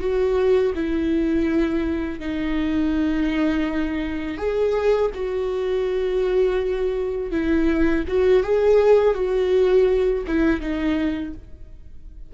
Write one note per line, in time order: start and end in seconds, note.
0.00 0.73 F#4
0.75 2.20 E4
2.20 4.38 D#4
4.38 5.11 G#4
5.15 7.32 F#4
7.32 8.05 E4
8.08 8.43 F#4
8.43 9.15 G#4
9.15 10.24 F#4
10.28 10.61 E4
10.61 11.34 D#4